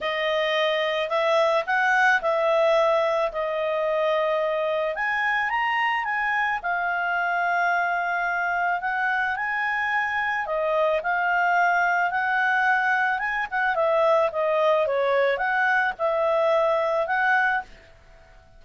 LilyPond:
\new Staff \with { instrumentName = "clarinet" } { \time 4/4 \tempo 4 = 109 dis''2 e''4 fis''4 | e''2 dis''2~ | dis''4 gis''4 ais''4 gis''4 | f''1 |
fis''4 gis''2 dis''4 | f''2 fis''2 | gis''8 fis''8 e''4 dis''4 cis''4 | fis''4 e''2 fis''4 | }